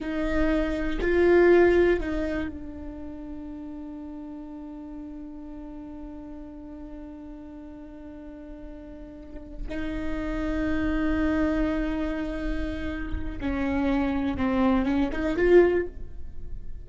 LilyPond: \new Staff \with { instrumentName = "viola" } { \time 4/4 \tempo 4 = 121 dis'2 f'2 | dis'4 d'2.~ | d'1~ | d'1~ |
d'2.~ d'8 dis'8~ | dis'1~ | dis'2. cis'4~ | cis'4 c'4 cis'8 dis'8 f'4 | }